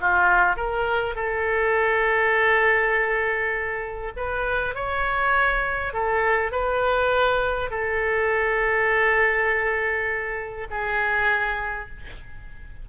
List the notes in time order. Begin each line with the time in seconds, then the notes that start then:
0.00 F4
0.56 A#4
1.15 A4
4.16 B4
4.74 C#5
5.93 A4
6.51 B4
7.70 A4
10.70 G#4